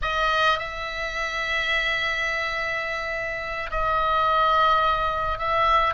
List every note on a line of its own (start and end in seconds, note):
0.02 0.58 D#5
0.58 3.70 E5
3.70 5.38 D#5
5.38 5.94 E5